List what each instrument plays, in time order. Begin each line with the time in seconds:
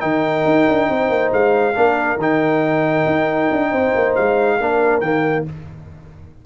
0.00 tuba D#3, trombone D#4, horn A#4, trumpet G5
0.45 tuba D#4
0.68 tuba D4
0.90 tuba C4, horn C5
1.10 tuba A#3
1.32 tuba G#3, trumpet F5
1.75 tuba A#3, trombone D4, horn A#4
2.18 tuba D#3, trombone D#4, trumpet G5
3.07 tuba D#4
3.52 tuba D4
3.71 tuba C4, horn C5
3.95 tuba A#3
4.16 tuba G#3, trumpet F5
4.58 tuba A#3, trombone D4, horn A#4
5.01 tuba D#3, trombone A#3, trumpet G5